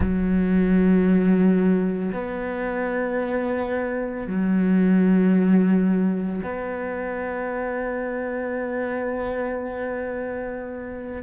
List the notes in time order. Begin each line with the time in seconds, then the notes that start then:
0.00 F#3
2.12 B3
4.27 F#3
6.43 B3